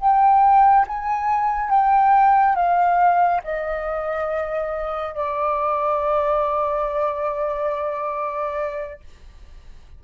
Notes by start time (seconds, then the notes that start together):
0.00 G5
0.87 G#5
1.69 G5
2.55 F5
3.43 D#5
5.14 D5